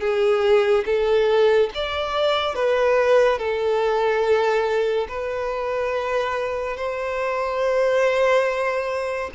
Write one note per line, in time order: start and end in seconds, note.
0.00 0.85 G#4
0.86 1.70 A4
1.75 2.55 D5
2.55 3.38 B4
3.38 5.07 A4
5.09 6.77 B4
6.77 9.31 C5